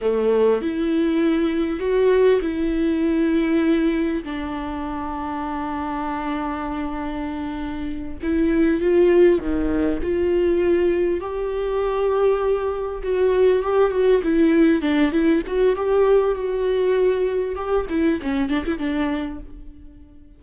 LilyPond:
\new Staff \with { instrumentName = "viola" } { \time 4/4 \tempo 4 = 99 a4 e'2 fis'4 | e'2. d'4~ | d'1~ | d'4. e'4 f'4 dis8~ |
dis8 f'2 g'4.~ | g'4. fis'4 g'8 fis'8 e'8~ | e'8 d'8 e'8 fis'8 g'4 fis'4~ | fis'4 g'8 e'8 cis'8 d'16 e'16 d'4 | }